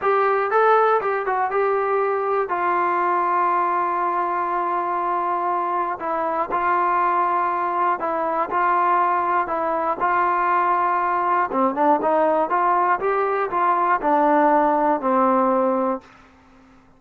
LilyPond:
\new Staff \with { instrumentName = "trombone" } { \time 4/4 \tempo 4 = 120 g'4 a'4 g'8 fis'8 g'4~ | g'4 f'2.~ | f'1 | e'4 f'2. |
e'4 f'2 e'4 | f'2. c'8 d'8 | dis'4 f'4 g'4 f'4 | d'2 c'2 | }